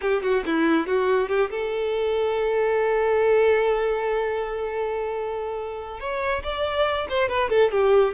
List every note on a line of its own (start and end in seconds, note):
0.01 0.22 G4
0.22 0.43 F#4
0.46 0.86 E4
0.86 1.28 F#4
1.28 1.50 G4
1.50 6.00 A4
6.00 6.42 C#5
6.43 7.07 D5
7.09 7.28 C5
7.28 7.49 B4
7.49 7.71 A4
7.71 8.14 G4